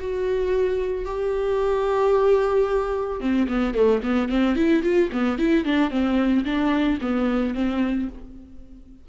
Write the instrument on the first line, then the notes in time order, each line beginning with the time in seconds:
viola
0.00 F#4
1.06 G4
3.21 C4
3.49 B3
3.75 A3
4.03 B3
4.29 C4
4.56 E4
4.83 F4
5.13 B3
5.39 E4
5.65 D4
5.91 C4
6.45 D4
7.02 B3
7.55 C4